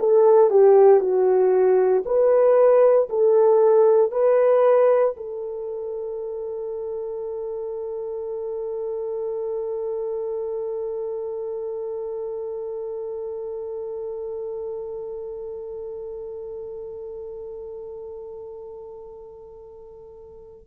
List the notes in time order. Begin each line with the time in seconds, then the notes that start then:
0.00 A4
0.50 G4
1.01 F#4
2.05 B4
3.10 A4
4.12 B4
5.17 A4